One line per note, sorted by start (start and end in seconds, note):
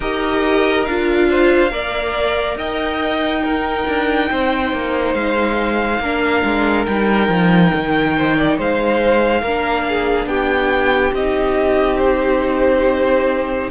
0.00 0.86 D#4
0.00 0.86 G4
0.00 1.28 A#4
0.00 0.85 D#5
0.85 1.71 D4
0.85 1.70 F4
0.85 2.56 F5
1.29 1.72 C5
1.70 2.55 A#3
1.70 3.41 A#4
1.70 2.57 D5
2.55 3.84 D#4
2.55 3.43 D#5
2.55 5.14 G5
3.43 6.02 D#4
3.43 4.28 A#4
3.87 4.30 D4
4.30 4.72 C4
4.30 6.01 C5
4.72 5.14 A#3
5.14 5.99 G#3
5.14 6.85 F5
5.99 6.42 A#3
5.99 6.87 D4
5.99 8.16 A#4
6.44 6.86 G#3
6.86 7.28 G3
6.86 9.44 D#4
6.86 8.57 G5
7.28 7.71 F3
7.74 8.58 D#3
8.17 8.36 C5
8.36 8.57 D5
8.57 9.42 G#3
8.57 9.41 C5
8.57 10.27 F5
9.41 10.25 A#3
9.41 11.17 D4
9.41 9.84 A#4
9.88 10.28 G#4
10.25 11.11 B3
10.25 13.70 G4
10.25 11.12 G5
11.12 13.69 C4
11.12 13.70 D#4
11.12 11.98 D#5
11.98 13.69 C5